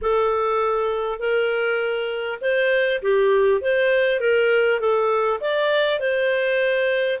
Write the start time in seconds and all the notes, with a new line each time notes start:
0.01 A4
1.19 A#4
2.41 C5
3.02 G4
3.61 C5
4.19 A#4
4.80 A4
5.40 D5
5.99 C5